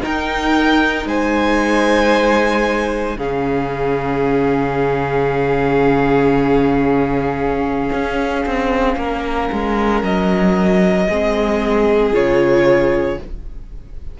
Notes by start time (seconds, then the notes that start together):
0.00 D#4 A#4 G5
1.05 G#3 C5 G#5
3.15 C#3 C#4 G#4 F5
7.92 C#4
8.45 C4
8.96 A#3 A#4
9.52 G#3
10.02 F#3 D#5
11.07 G#3 C4 G#4
12.12 C#3 F4 C#5